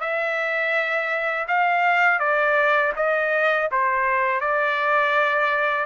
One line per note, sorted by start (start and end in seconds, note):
0.00 1.46 E5
1.48 2.20 F5
2.20 2.93 D5
2.96 3.69 D#5
3.71 4.40 C5
4.40 5.85 D5